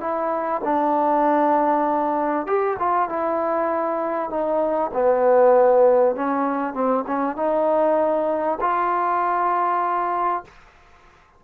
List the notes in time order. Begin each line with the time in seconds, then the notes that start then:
0.00 E4
0.64 D4
2.46 G4
2.79 F4
3.09 E4
4.30 D#4
4.93 B3
6.15 C#4
6.74 C4
7.07 C#4
7.36 D#4
8.60 F4